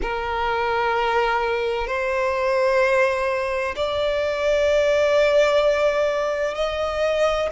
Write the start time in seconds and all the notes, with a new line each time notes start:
0.02 A#4
1.87 C5
3.75 D5
6.55 D#5